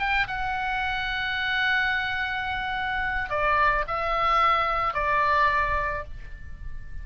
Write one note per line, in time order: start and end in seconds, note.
0.00 0.28 G5
0.28 3.30 F#5
3.30 3.85 D5
3.88 4.94 E5
4.94 6.05 D5